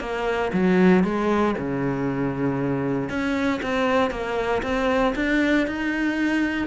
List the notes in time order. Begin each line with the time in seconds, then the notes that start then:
0.00 A#3
0.53 F#3
1.04 G#3
1.58 C#3
3.10 C#4
3.62 C4
4.11 A#3
4.63 C4
5.16 D4
5.67 D#4